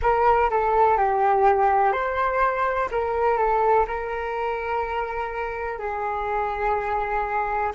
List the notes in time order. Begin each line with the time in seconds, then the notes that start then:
0.01 A#4
0.50 A4
0.97 G4
1.92 C5
2.91 A#4
3.37 A4
3.87 A#4
5.78 G#4